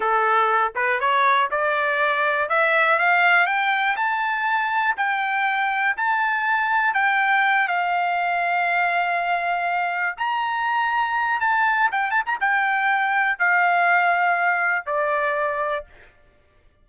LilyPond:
\new Staff \with { instrumentName = "trumpet" } { \time 4/4 \tempo 4 = 121 a'4. b'8 cis''4 d''4~ | d''4 e''4 f''4 g''4 | a''2 g''2 | a''2 g''4. f''8~ |
f''1~ | f''8 ais''2~ ais''8 a''4 | g''8 a''16 ais''16 g''2 f''4~ | f''2 d''2 | }